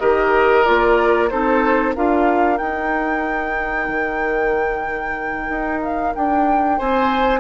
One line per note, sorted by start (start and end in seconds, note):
0.00 0.66 D#3
0.00 0.65 G4
0.00 1.30 A#4
0.00 0.65 D#5
0.65 1.32 A#3
0.65 1.30 F4
0.65 1.29 D5
1.29 1.96 C4
1.29 1.95 D#4
1.29 1.95 A4
1.29 1.94 C5
1.95 2.60 D4
1.95 2.58 F4
1.95 6.78 A#4
1.95 2.58 F5
2.58 7.40 D#4
2.58 3.88 D#4
2.58 5.81 G5
3.88 5.49 D#3
5.49 6.14 D#4
5.82 6.14 F5
6.15 6.81 D4
6.15 6.80 G5
6.78 7.40 C4
6.78 7.40 C5
6.78 7.40 G#5